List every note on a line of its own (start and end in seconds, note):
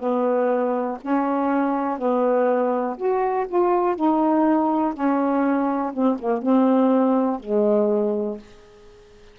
0.00 0.98 B3
1.01 1.99 C#4
1.99 2.97 B3
2.97 3.46 F#4
3.48 3.96 F4
3.96 4.94 D#4
4.94 5.92 C#4
5.93 6.18 C4
6.19 6.42 A#3
6.42 7.40 C4
7.40 8.38 G#3